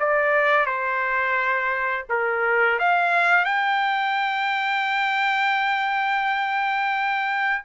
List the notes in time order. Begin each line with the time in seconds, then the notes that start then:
0.00 D5
0.66 C5
2.10 A#4
2.79 F5
3.45 G5